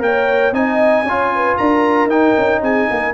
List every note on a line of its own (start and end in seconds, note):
0.00 0.52 A#3
0.00 0.52 A#4
0.00 0.55 C#5
0.00 0.54 G5
0.52 1.03 C4
0.52 1.06 D#4
0.52 1.06 D#5
0.52 1.57 G#5
1.03 1.55 C#4
1.03 2.10 F4
1.03 1.32 C#5
1.35 1.58 B4
1.57 2.06 D4
1.57 2.62 A#4
1.57 2.09 A#5
2.06 2.32 D#4
2.06 3.14 D#4
2.06 2.62 G5
2.38 2.62 C#4
2.62 2.88 C4
2.62 2.89 G#4
2.62 3.15 G#5
2.91 3.15 A#3
2.91 3.15 A#4